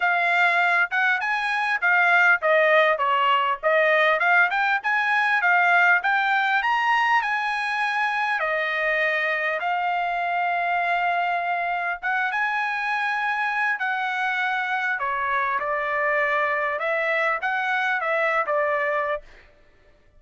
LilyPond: \new Staff \with { instrumentName = "trumpet" } { \time 4/4 \tempo 4 = 100 f''4. fis''8 gis''4 f''4 | dis''4 cis''4 dis''4 f''8 g''8 | gis''4 f''4 g''4 ais''4 | gis''2 dis''2 |
f''1 | fis''8 gis''2~ gis''8 fis''4~ | fis''4 cis''4 d''2 | e''4 fis''4 e''8. d''4~ d''16 | }